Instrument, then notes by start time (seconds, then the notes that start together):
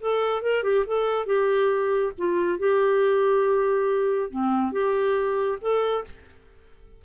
clarinet
0.00 A4
0.42 A#4
0.63 G4
0.86 A4
1.26 G4
2.18 F4
2.58 G4
4.30 C4
4.72 G4
5.61 A4